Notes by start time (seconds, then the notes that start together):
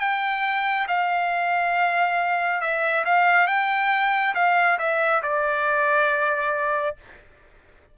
0.00 G5
0.88 F5
2.61 E5
3.06 F5
3.47 G5
4.35 F5
4.79 E5
5.23 D5